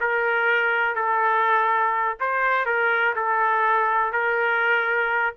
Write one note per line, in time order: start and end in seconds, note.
0.00 0.95 A#4
0.95 2.17 A4
2.20 2.65 C5
2.65 3.14 A#4
3.16 4.12 A4
4.12 5.34 A#4